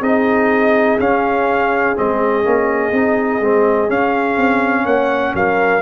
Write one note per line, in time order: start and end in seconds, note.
0.00 0.97 C4
0.00 0.99 D#4
0.00 4.84 G#4
0.00 1.00 D#5
0.99 1.96 C#4
0.99 1.97 F5
1.96 2.46 G#3
1.96 2.44 C4
1.96 3.91 D#5
2.44 2.92 A#3
2.44 2.92 C#4
2.92 3.41 C4
2.92 3.41 D#4
3.41 3.89 G#3
3.41 3.89 C4
3.89 5.82 C#4
3.89 4.37 C#4
3.89 4.86 F5
4.37 4.85 C4
4.85 5.34 A#3
4.85 5.34 C#5
4.85 5.34 F#5
5.34 5.82 F#3
5.34 5.82 A#4
5.34 5.82 F5